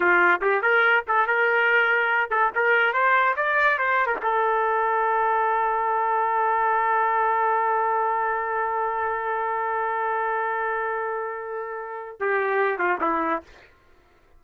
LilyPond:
\new Staff \with { instrumentName = "trumpet" } { \time 4/4 \tempo 4 = 143 f'4 g'8 ais'4 a'8 ais'4~ | ais'4. a'8 ais'4 c''4 | d''4 c''8. ais'16 a'2~ | a'1~ |
a'1~ | a'1~ | a'1~ | a'4 g'4. f'8 e'4 | }